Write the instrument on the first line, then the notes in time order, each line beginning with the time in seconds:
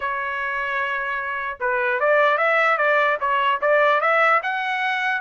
trumpet
0.00 C#5
1.59 B4
1.99 D5
2.37 E5
2.77 D5
3.20 C#5
3.61 D5
4.00 E5
4.43 F#5